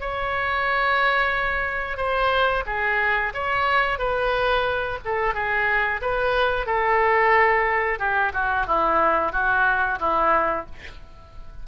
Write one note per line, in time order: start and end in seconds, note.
0.00 1.97 C#5
1.97 2.64 C5
2.66 3.33 G#4
3.34 3.98 C#5
3.98 4.98 B4
5.05 5.34 A4
5.34 6.01 G#4
6.02 6.66 B4
6.66 7.99 A4
7.99 8.32 G4
8.33 8.67 F#4
8.67 9.32 E4
9.32 9.99 F#4
9.99 10.66 E4